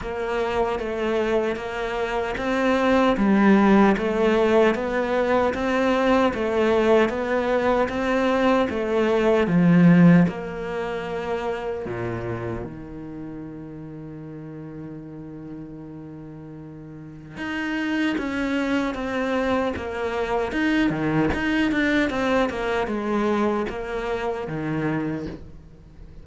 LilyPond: \new Staff \with { instrumentName = "cello" } { \time 4/4 \tempo 4 = 76 ais4 a4 ais4 c'4 | g4 a4 b4 c'4 | a4 b4 c'4 a4 | f4 ais2 ais,4 |
dis1~ | dis2 dis'4 cis'4 | c'4 ais4 dis'8 dis8 dis'8 d'8 | c'8 ais8 gis4 ais4 dis4 | }